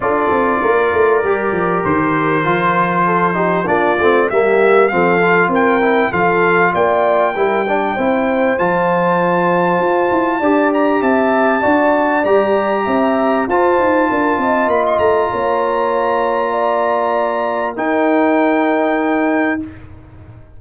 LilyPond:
<<
  \new Staff \with { instrumentName = "trumpet" } { \time 4/4 \tempo 4 = 98 d''2. c''4~ | c''2 d''4 e''4 | f''4 g''4 f''4 g''4~ | g''2 a''2~ |
a''4. ais''8 a''2 | ais''2 a''2 | b''16 c'''16 ais''2.~ ais''8~ | ais''4 g''2. | }
  \new Staff \with { instrumentName = "horn" } { \time 4/4 a'4 ais'2.~ | ais'4 a'8 g'8 f'4 g'4 | a'4 ais'4 a'4 d''4 | ais'8 d''8 c''2.~ |
c''4 d''4 e''4 d''4~ | d''4 e''4 c''4 ais'8 dis''8~ | dis''4 cis''2 d''4~ | d''4 ais'2. | }
  \new Staff \with { instrumentName = "trombone" } { \time 4/4 f'2 g'2 | f'4. dis'8 d'8 c'8 ais4 | c'8 f'4 e'8 f'2 | e'8 d'8 e'4 f'2~ |
f'4 g'2 fis'4 | g'2 f'2~ | f'1~ | f'4 dis'2. | }
  \new Staff \with { instrumentName = "tuba" } { \time 4/4 d'8 c'8 ais8 a8 g8 f8 dis4 | f2 ais8 a8 g4 | f4 c'4 f4 ais4 | g4 c'4 f2 |
f'8 e'8 d'4 c'4 d'4 | g4 c'4 f'8 dis'8 d'8 c'8 | ais8 a8 ais2.~ | ais4 dis'2. | }
>>